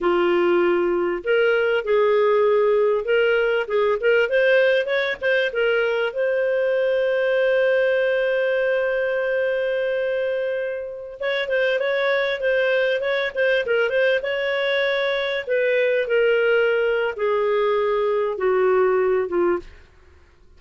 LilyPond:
\new Staff \with { instrumentName = "clarinet" } { \time 4/4 \tempo 4 = 98 f'2 ais'4 gis'4~ | gis'4 ais'4 gis'8 ais'8 c''4 | cis''8 c''8 ais'4 c''2~ | c''1~ |
c''2~ c''16 cis''8 c''8 cis''8.~ | cis''16 c''4 cis''8 c''8 ais'8 c''8 cis''8.~ | cis''4~ cis''16 b'4 ais'4.~ ais'16 | gis'2 fis'4. f'8 | }